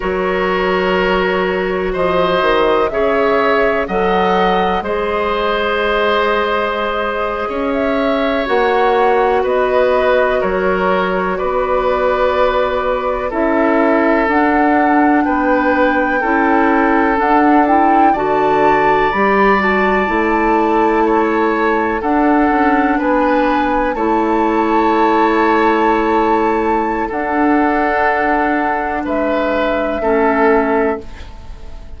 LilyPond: <<
  \new Staff \with { instrumentName = "flute" } { \time 4/4 \tempo 4 = 62 cis''2 dis''4 e''4 | fis''4 dis''2. | e''8. fis''4 dis''4 cis''4 d''16~ | d''4.~ d''16 e''4 fis''4 g''16~ |
g''4.~ g''16 fis''8 g''8 a''4 b''16~ | b''16 a''2~ a''8 fis''4 gis''16~ | gis''8. a''2.~ a''16 | fis''2 e''2 | }
  \new Staff \with { instrumentName = "oboe" } { \time 4/4 ais'2 c''4 cis''4 | dis''4 c''2~ c''8. cis''16~ | cis''4.~ cis''16 b'4 ais'4 b'16~ | b'4.~ b'16 a'2 b'16~ |
b'8. a'2 d''4~ d''16~ | d''4.~ d''16 cis''4 a'4 b'16~ | b'8. cis''2.~ cis''16 | a'2 b'4 a'4 | }
  \new Staff \with { instrumentName = "clarinet" } { \time 4/4 fis'2. gis'4 | a'4 gis'2.~ | gis'8. fis'2.~ fis'16~ | fis'4.~ fis'16 e'4 d'4~ d'16~ |
d'8. e'4 d'8 e'8 fis'4 g'16~ | g'16 fis'8 e'2 d'4~ d'16~ | d'8. e'2.~ e'16 | d'2. cis'4 | }
  \new Staff \with { instrumentName = "bassoon" } { \time 4/4 fis2 f8 dis8 cis4 | fis4 gis2~ gis8. cis'16~ | cis'8. ais4 b4 fis4 b16~ | b4.~ b16 cis'4 d'4 b16~ |
b8. cis'4 d'4 d4 g16~ | g8. a2 d'8 cis'8 b16~ | b8. a2.~ a16 | d'2 gis4 a4 | }
>>